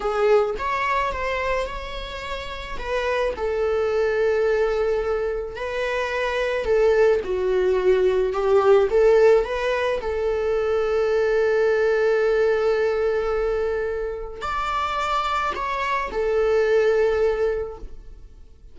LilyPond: \new Staff \with { instrumentName = "viola" } { \time 4/4 \tempo 4 = 108 gis'4 cis''4 c''4 cis''4~ | cis''4 b'4 a'2~ | a'2 b'2 | a'4 fis'2 g'4 |
a'4 b'4 a'2~ | a'1~ | a'2 d''2 | cis''4 a'2. | }